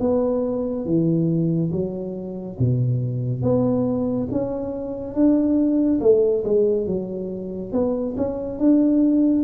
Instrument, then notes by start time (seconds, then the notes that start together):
tuba
0.00 B3
0.86 E3
1.72 F#3
2.59 B2
3.42 B3
4.32 C#4
5.14 D4
6.01 A3
6.44 G#3
6.86 F#3
7.73 B3
8.17 C#4
8.59 D4